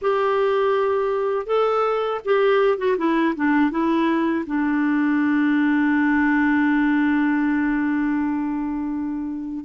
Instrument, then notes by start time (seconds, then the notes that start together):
clarinet
0.01 G4
1.46 A4
2.25 G4
2.77 F#4
2.97 E4
3.35 D4
3.70 E4
4.46 D4